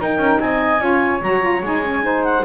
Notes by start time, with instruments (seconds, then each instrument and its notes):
0.00 saxophone D#4, double bass D#4, flute A#4, clarinet G5
0.18 double bass C#4
0.40 double bass C4, flute D#5, clarinet G#5
0.80 double bass C#4, saxophone F4, flute C#5
1.21 double bass F#3, saxophone F#4, clarinet A#5
1.41 saxophone F4
1.62 double bass G#3, saxophone D#4, clarinet G#5
1.83 saxophone C#4
2.03 saxophone D#4, flute C5
2.24 clarinet F#5